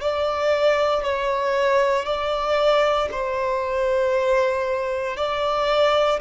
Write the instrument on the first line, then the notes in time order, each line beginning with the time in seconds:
violin
0.00 D5
1.03 C#5
2.05 D5
3.11 C5
5.16 D5